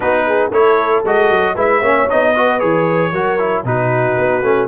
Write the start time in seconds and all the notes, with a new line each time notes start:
0.00 B3 D#4 F#4 B4
0.26 G#4
0.50 A3 E4 A4 C#5
1.04 G#3 F#4 D#5
1.30 F#3
1.54 G#3 E4 B4 E5
1.79 A#3 C#4 C#5
2.09 B3 D#4 D#5
2.33 F#4 B4
2.59 E3 G#4 C#5
3.12 F#3 F#4 A#4
3.38 E4
3.64 B2 D#4 F#4 B4
4.18 B3
4.42 A3 C#4